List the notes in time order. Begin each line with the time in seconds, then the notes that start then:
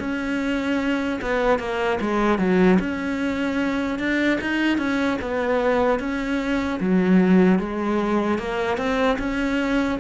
0.00 C#4
1.22 B3
1.59 A#3
2.01 G#3
2.39 F#3
2.80 C#4
3.99 D4
4.41 D#4
4.78 C#4
5.22 B3
6.00 C#4
6.80 F#3
7.59 G#3
8.39 A#3
8.78 C4
9.19 C#4